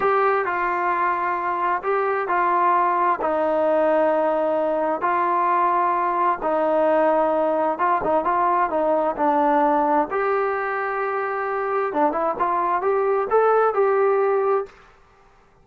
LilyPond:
\new Staff \with { instrumentName = "trombone" } { \time 4/4 \tempo 4 = 131 g'4 f'2. | g'4 f'2 dis'4~ | dis'2. f'4~ | f'2 dis'2~ |
dis'4 f'8 dis'8 f'4 dis'4 | d'2 g'2~ | g'2 d'8 e'8 f'4 | g'4 a'4 g'2 | }